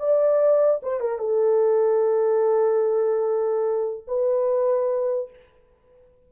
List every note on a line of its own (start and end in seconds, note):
0.00 0.82 D5
0.83 1.01 C5
1.01 1.19 A#4
1.19 4.05 A4
4.08 5.30 B4